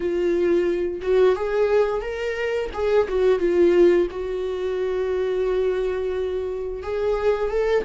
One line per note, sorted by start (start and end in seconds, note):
0.00 1.00 F4
1.02 1.35 F#4
1.35 2.01 G#4
2.01 2.69 A#4
2.73 3.07 G#4
3.08 3.39 F#4
3.39 4.07 F4
4.11 6.82 F#4
6.82 7.50 G#4
7.50 7.84 A4